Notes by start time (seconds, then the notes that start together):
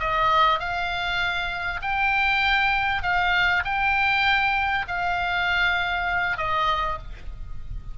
0.00 D#5
0.60 F5
1.82 G5
3.03 F5
3.65 G5
4.88 F5
6.38 D#5